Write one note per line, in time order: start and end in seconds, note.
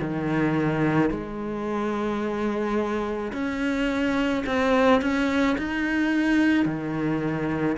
0.00 1.10 D#3
1.10 3.32 G#3
3.32 4.43 C#4
4.46 5.01 C4
5.01 5.57 C#4
5.58 6.65 D#4
6.65 7.76 D#3